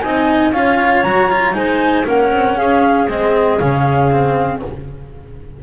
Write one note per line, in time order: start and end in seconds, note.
0.00 0.52 C4
0.00 0.54 D#4
0.00 0.54 D#5
0.00 0.51 G#5
0.52 1.03 C#4
0.52 1.05 F4
0.52 1.55 C#5
0.52 1.03 F5
1.03 1.55 F#3
1.03 1.31 F#4
1.03 1.54 A#5
1.31 1.53 F4
1.53 2.06 G#3
1.53 2.04 D#4
1.53 2.06 C5
1.53 2.06 G#5
2.05 2.33 A#3
2.05 3.08 C#4
2.05 2.57 A#4
2.05 2.58 F#5
2.33 2.57 C4
2.57 3.08 C#4
2.57 4.63 G#4
2.57 3.09 F5
3.08 3.60 G#3
3.08 3.60 C4
3.08 3.59 D#5
3.59 4.63 C#3
3.59 4.12 C#4
3.59 4.62 F5
4.12 4.63 C4